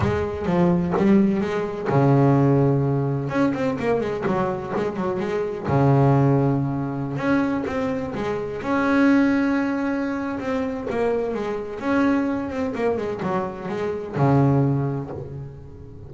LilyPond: \new Staff \with { instrumentName = "double bass" } { \time 4/4 \tempo 4 = 127 gis4 f4 g4 gis4 | cis2. cis'8 c'8 | ais8 gis8 fis4 gis8 fis8 gis4 | cis2.~ cis16 cis'8.~ |
cis'16 c'4 gis4 cis'4.~ cis'16~ | cis'2 c'4 ais4 | gis4 cis'4. c'8 ais8 gis8 | fis4 gis4 cis2 | }